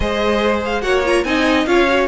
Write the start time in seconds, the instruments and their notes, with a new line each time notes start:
0.00 cello G#3, viola G#4, violin C5 D#5
0.64 violin F5
0.81 cello A#3, viola F#4, violin C#5 F#5
1.05 viola F4, violin A#5
1.24 cello C4, viola D#4, violin D#5 G#5
1.65 cello C#4, viola F4, violin C#5 F5
1.88 viola F#4